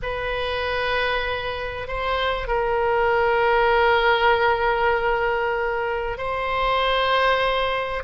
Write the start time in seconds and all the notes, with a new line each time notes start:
0.02 B4
1.87 C5
2.47 A#4
6.17 C5